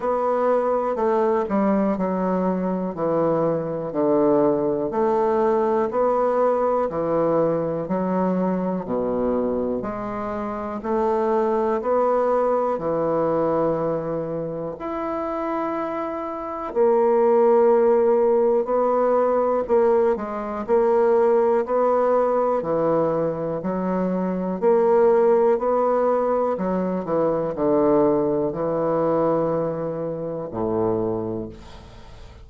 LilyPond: \new Staff \with { instrumentName = "bassoon" } { \time 4/4 \tempo 4 = 61 b4 a8 g8 fis4 e4 | d4 a4 b4 e4 | fis4 b,4 gis4 a4 | b4 e2 e'4~ |
e'4 ais2 b4 | ais8 gis8 ais4 b4 e4 | fis4 ais4 b4 fis8 e8 | d4 e2 a,4 | }